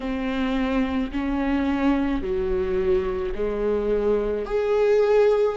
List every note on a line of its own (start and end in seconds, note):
0.00 1.11 C4
1.11 2.22 C#4
2.22 3.33 F#3
3.34 4.45 G#3
4.45 5.57 G#4